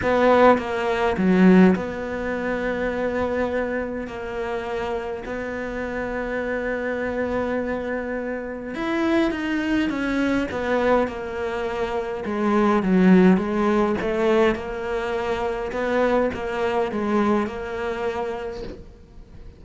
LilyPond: \new Staff \with { instrumentName = "cello" } { \time 4/4 \tempo 4 = 103 b4 ais4 fis4 b4~ | b2. ais4~ | ais4 b2.~ | b2. e'4 |
dis'4 cis'4 b4 ais4~ | ais4 gis4 fis4 gis4 | a4 ais2 b4 | ais4 gis4 ais2 | }